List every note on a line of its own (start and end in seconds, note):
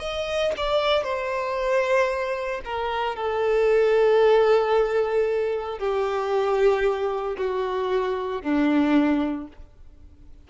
0.00 0.53 D#5
0.57 1.04 D5
1.04 2.62 C5
2.65 3.16 A#4
3.16 5.79 A4
5.79 7.37 G4
7.38 8.43 F#4
8.43 9.48 D4